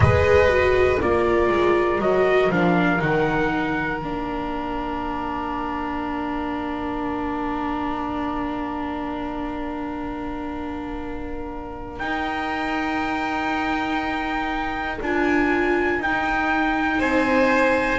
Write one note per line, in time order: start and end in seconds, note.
0.00 0.98 G#3
0.00 0.48 G#4
0.00 1.02 B4
0.00 0.99 D#5
0.48 0.98 F#4
1.01 1.48 A#3
1.01 2.01 F4
1.01 16.99 A#4
1.01 2.01 D5
1.48 1.98 G#3
1.98 2.48 F#3
1.98 2.51 F#4
1.98 2.51 D#5
2.50 3.00 F3
2.50 2.99 D4
2.50 3.01 F5
2.99 4.01 D#3
2.99 3.99 D#4
2.99 4.00 F#5
4.00 11.99 A#3
4.00 12.00 D4
4.00 11.99 F5
11.99 14.99 D#4
11.99 15.00 D#4
11.99 14.99 G5
15.00 15.99 D4
15.00 16.02 F4
15.00 16.01 G#5
15.99 16.99 D#4
15.99 17.99 D#4
15.99 17.01 G5
16.99 17.99 C4
16.99 17.99 C5
16.99 17.99 G#5